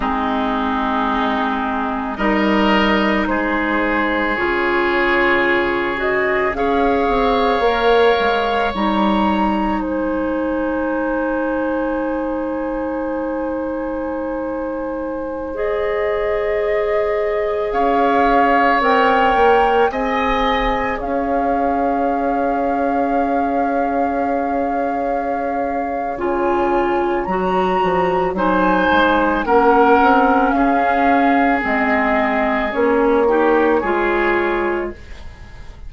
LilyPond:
<<
  \new Staff \with { instrumentName = "flute" } { \time 4/4 \tempo 4 = 55 gis'2 dis''4 c''4 | cis''4. dis''8 f''2 | ais''4 gis''2.~ | gis''2~ gis''16 dis''4.~ dis''16~ |
dis''16 f''4 g''4 gis''4 f''8.~ | f''1 | gis''4 ais''4 gis''4 fis''4 | f''4 dis''4 cis''2 | }
  \new Staff \with { instrumentName = "oboe" } { \time 4/4 dis'2 ais'4 gis'4~ | gis'2 cis''2~ | cis''4 c''2.~ | c''1~ |
c''16 cis''2 dis''4 cis''8.~ | cis''1~ | cis''2 c''4 ais'4 | gis'2~ gis'8 g'8 gis'4 | }
  \new Staff \with { instrumentName = "clarinet" } { \time 4/4 c'2 dis'2 | f'4. fis'8 gis'4 ais'4 | dis'1~ | dis'2~ dis'16 gis'4.~ gis'16~ |
gis'4~ gis'16 ais'4 gis'4.~ gis'16~ | gis'1 | f'4 fis'4 dis'4 cis'4~ | cis'4 c'4 cis'8 dis'8 f'4 | }
  \new Staff \with { instrumentName = "bassoon" } { \time 4/4 gis2 g4 gis4 | cis2 cis'8 c'8 ais8 gis8 | g4 gis2.~ | gis1~ |
gis16 cis'4 c'8 ais8 c'4 cis'8.~ | cis'1 | cis4 fis8 f8 fis8 gis8 ais8 c'8 | cis'4 gis4 ais4 gis4 | }
>>